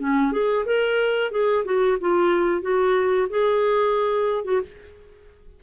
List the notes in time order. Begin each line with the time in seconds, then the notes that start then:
0.00 C#4
0.32 G#4
0.66 A#4
1.31 G#4
1.65 F#4
2.00 F4
2.62 F#4
3.30 G#4
4.45 F#4